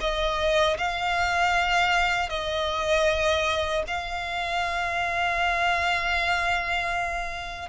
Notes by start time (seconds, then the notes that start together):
0.00 D#5
0.78 F5
2.29 D#5
3.87 F5